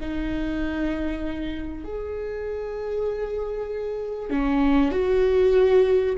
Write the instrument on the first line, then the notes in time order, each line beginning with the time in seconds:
viola
0.00 D#4
1.84 G#4
4.30 C#4
4.91 F#4